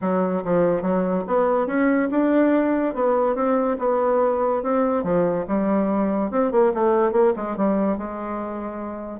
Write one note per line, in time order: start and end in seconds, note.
0.01 0.43 F#3
0.44 0.82 F3
0.82 1.24 F#3
1.27 1.66 B3
1.66 2.08 C#4
2.10 2.94 D4
2.94 3.35 B3
3.35 3.77 C4
3.78 4.62 B3
4.62 5.03 C4
5.03 5.45 F3
5.47 6.30 G3
6.30 6.51 C4
6.51 6.72 A#3
6.74 7.12 A3
7.12 7.33 A#3
7.35 7.56 G#3
7.56 7.97 G3
7.97 9.20 G#3